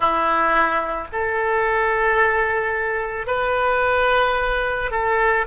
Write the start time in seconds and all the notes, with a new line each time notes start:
0.00 E4
1.12 A4
3.27 B4
4.90 A4